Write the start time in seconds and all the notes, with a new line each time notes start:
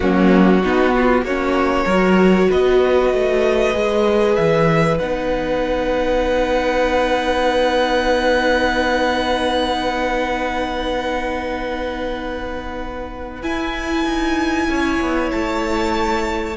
0.00 F#3 A#3 C#4 F#4
0.62 B3 D#4
0.94 F4
1.22 A#3 C#4 F#4 C#5
1.85 F#3 F#4 A#4
2.48 B3 B4 D#5
3.13 A3
3.73 G#3 G#4
4.35 E3 E5
4.98 B3 D#4 F#5
13.42 E4 G#5
14.05 D#4
14.68 C#4 C#5
15.00 B3
15.31 A3 A5